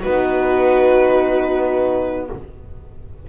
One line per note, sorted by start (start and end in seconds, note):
0.00 2.29 B3
0.00 2.29 D#4
0.00 2.25 F#4
0.00 2.27 B4